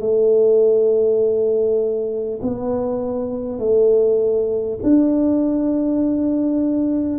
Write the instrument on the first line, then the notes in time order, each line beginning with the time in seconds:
tuba
0.00 A3
2.42 B3
3.59 A3
4.83 D4